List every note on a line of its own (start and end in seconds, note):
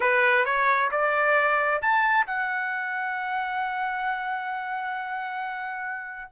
0.00 0.45 B4
0.45 0.90 C#5
0.91 1.81 D5
1.81 2.26 A5
2.26 6.32 F#5